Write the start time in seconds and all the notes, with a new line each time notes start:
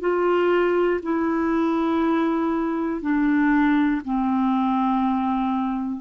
0.00 F4
1.03 E4
3.01 D4
4.05 C4